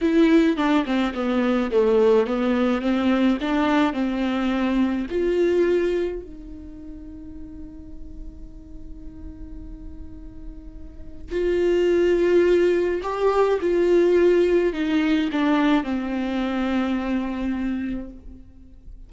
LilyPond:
\new Staff \with { instrumentName = "viola" } { \time 4/4 \tempo 4 = 106 e'4 d'8 c'8 b4 a4 | b4 c'4 d'4 c'4~ | c'4 f'2 dis'4~ | dis'1~ |
dis'1 | f'2. g'4 | f'2 dis'4 d'4 | c'1 | }